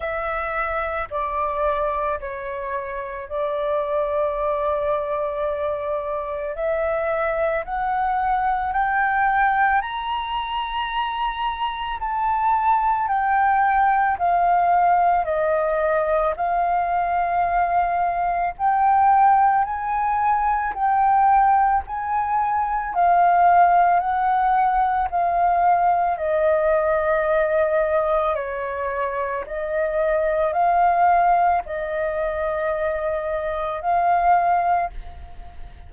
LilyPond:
\new Staff \with { instrumentName = "flute" } { \time 4/4 \tempo 4 = 55 e''4 d''4 cis''4 d''4~ | d''2 e''4 fis''4 | g''4 ais''2 a''4 | g''4 f''4 dis''4 f''4~ |
f''4 g''4 gis''4 g''4 | gis''4 f''4 fis''4 f''4 | dis''2 cis''4 dis''4 | f''4 dis''2 f''4 | }